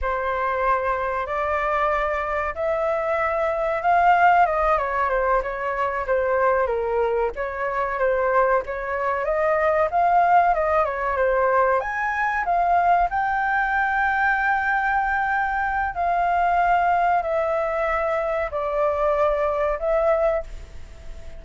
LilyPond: \new Staff \with { instrumentName = "flute" } { \time 4/4 \tempo 4 = 94 c''2 d''2 | e''2 f''4 dis''8 cis''8 | c''8 cis''4 c''4 ais'4 cis''8~ | cis''8 c''4 cis''4 dis''4 f''8~ |
f''8 dis''8 cis''8 c''4 gis''4 f''8~ | f''8 g''2.~ g''8~ | g''4 f''2 e''4~ | e''4 d''2 e''4 | }